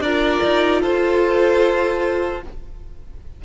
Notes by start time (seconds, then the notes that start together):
0.00 D4 F4 A#4 D5
0.44 D#4
0.82 F4 A4 C5